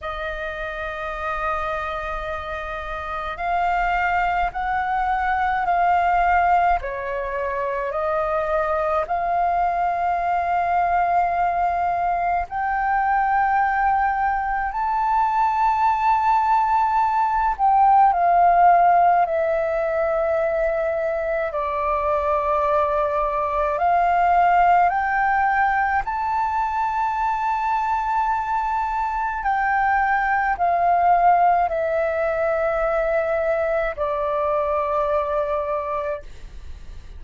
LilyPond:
\new Staff \with { instrumentName = "flute" } { \time 4/4 \tempo 4 = 53 dis''2. f''4 | fis''4 f''4 cis''4 dis''4 | f''2. g''4~ | g''4 a''2~ a''8 g''8 |
f''4 e''2 d''4~ | d''4 f''4 g''4 a''4~ | a''2 g''4 f''4 | e''2 d''2 | }